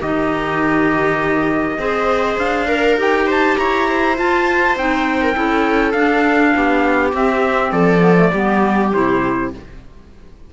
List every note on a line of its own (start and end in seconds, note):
0.00 1.78 D#3
0.00 1.78 D#4
0.00 1.78 G4
0.00 2.39 D#5
1.78 2.37 C4
1.78 2.67 G#4
1.78 2.68 C5
2.38 2.97 D4
2.38 2.98 F5
2.67 2.97 A#4
2.67 3.26 A#4
2.97 3.56 D#4
2.97 4.16 G4
2.97 3.31 G5
3.26 3.56 C5
3.26 3.57 A5
3.57 4.18 E4
3.57 3.88 C#5
3.57 4.17 A#5
3.88 5.22 C5
4.16 4.76 F4
4.16 4.77 A5
4.76 5.35 C4
4.76 5.34 D#4
4.76 5.92 G5
5.22 5.34 A#4
5.34 5.94 C#4
5.34 5.93 E4
5.34 6.53 A4
5.92 6.53 D4
5.92 7.13 D4
5.92 7.11 F5
6.56 7.12 B3
6.56 7.72 G4
7.12 7.72 C4
7.12 7.99 C4
7.12 7.72 E5
7.72 8.31 F3
7.72 8.31 A4
7.72 8.91 D5
7.99 8.14 B3
8.16 8.31 A3
8.32 8.92 G3
8.32 8.92 B3
8.32 9.50 G4
8.92 9.53 C3
8.92 9.52 E4
8.92 9.52 C5